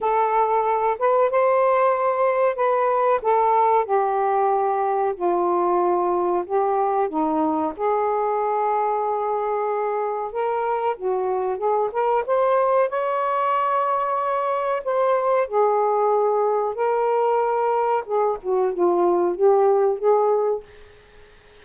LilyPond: \new Staff \with { instrumentName = "saxophone" } { \time 4/4 \tempo 4 = 93 a'4. b'8 c''2 | b'4 a'4 g'2 | f'2 g'4 dis'4 | gis'1 |
ais'4 fis'4 gis'8 ais'8 c''4 | cis''2. c''4 | gis'2 ais'2 | gis'8 fis'8 f'4 g'4 gis'4 | }